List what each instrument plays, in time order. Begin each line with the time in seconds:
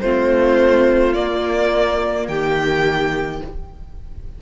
0.00 cello A3, viola C4, violin F4 C5
1.13 viola A#3, cello A#3, violin D5
2.28 cello D#3, violin G4 G5